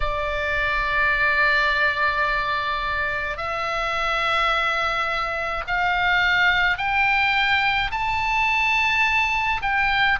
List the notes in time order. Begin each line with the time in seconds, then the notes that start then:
0.00 D5
3.37 E5
5.67 F5
6.77 G5
7.91 A5
9.62 G5